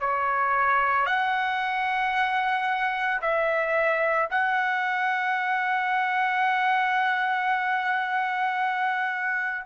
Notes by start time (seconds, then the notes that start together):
0.00 C#5
1.06 F#5
3.21 E5
4.31 F#5